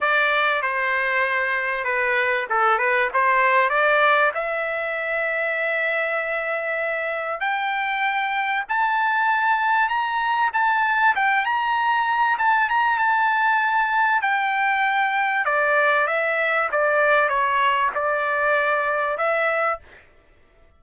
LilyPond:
\new Staff \with { instrumentName = "trumpet" } { \time 4/4 \tempo 4 = 97 d''4 c''2 b'4 | a'8 b'8 c''4 d''4 e''4~ | e''1 | g''2 a''2 |
ais''4 a''4 g''8 ais''4. | a''8 ais''8 a''2 g''4~ | g''4 d''4 e''4 d''4 | cis''4 d''2 e''4 | }